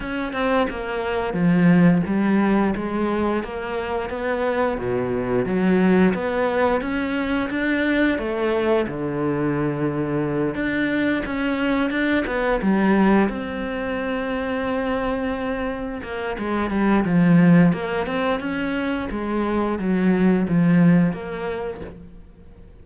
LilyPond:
\new Staff \with { instrumentName = "cello" } { \time 4/4 \tempo 4 = 88 cis'8 c'8 ais4 f4 g4 | gis4 ais4 b4 b,4 | fis4 b4 cis'4 d'4 | a4 d2~ d8 d'8~ |
d'8 cis'4 d'8 b8 g4 c'8~ | c'2.~ c'8 ais8 | gis8 g8 f4 ais8 c'8 cis'4 | gis4 fis4 f4 ais4 | }